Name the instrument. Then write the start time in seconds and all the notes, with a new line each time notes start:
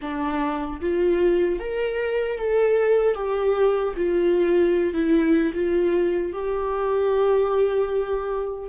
viola
0.01 D4
0.80 F4
1.59 A#4
2.38 A4
3.14 G4
3.96 F4
4.93 E4
5.54 F4
6.32 G4